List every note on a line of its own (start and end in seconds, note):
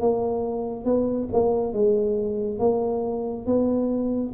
0.00 0.85 A#3
0.85 1.28 B3
1.33 1.73 A#3
1.73 2.59 G#3
2.59 3.46 A#3
3.46 4.33 B3